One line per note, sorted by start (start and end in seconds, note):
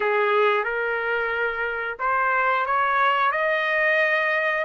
0.00 0.64 G#4
0.64 1.97 A#4
1.99 2.65 C5
2.65 3.31 C#5
3.31 4.64 D#5